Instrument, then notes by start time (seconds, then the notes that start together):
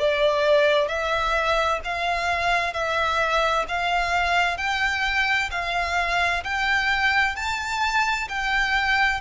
violin
0.00 D5
0.89 E5
1.85 F5
2.74 E5
3.69 F5
4.58 G5
5.51 F5
6.44 G5
7.36 A5
8.29 G5